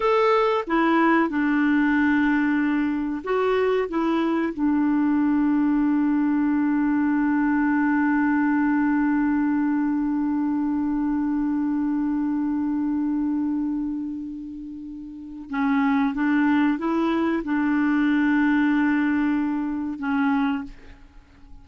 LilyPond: \new Staff \with { instrumentName = "clarinet" } { \time 4/4 \tempo 4 = 93 a'4 e'4 d'2~ | d'4 fis'4 e'4 d'4~ | d'1~ | d'1~ |
d'1~ | d'1 | cis'4 d'4 e'4 d'4~ | d'2. cis'4 | }